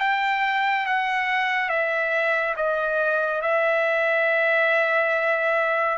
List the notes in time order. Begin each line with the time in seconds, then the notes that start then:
0.00 G5
0.86 F#5
1.69 E5
2.56 D#5
3.41 E5